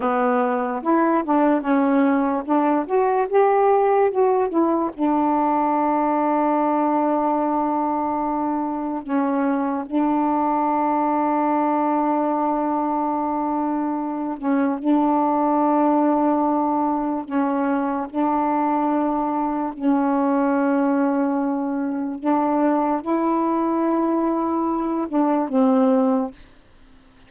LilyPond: \new Staff \with { instrumentName = "saxophone" } { \time 4/4 \tempo 4 = 73 b4 e'8 d'8 cis'4 d'8 fis'8 | g'4 fis'8 e'8 d'2~ | d'2. cis'4 | d'1~ |
d'4. cis'8 d'2~ | d'4 cis'4 d'2 | cis'2. d'4 | e'2~ e'8 d'8 c'4 | }